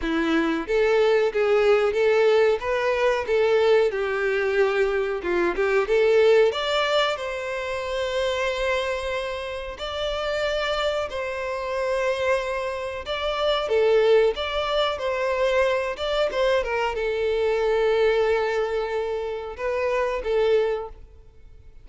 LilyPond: \new Staff \with { instrumentName = "violin" } { \time 4/4 \tempo 4 = 92 e'4 a'4 gis'4 a'4 | b'4 a'4 g'2 | f'8 g'8 a'4 d''4 c''4~ | c''2. d''4~ |
d''4 c''2. | d''4 a'4 d''4 c''4~ | c''8 d''8 c''8 ais'8 a'2~ | a'2 b'4 a'4 | }